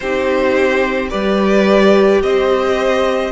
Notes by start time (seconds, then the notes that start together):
0.00 C4 D#4 G4 C5
1.09 G3 G4 B4 D5
2.22 C4 C5 D#5